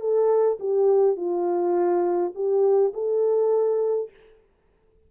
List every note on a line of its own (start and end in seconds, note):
0.00 0.58 A4
0.60 1.17 G4
1.17 2.33 F4
2.35 2.93 G4
2.94 4.10 A4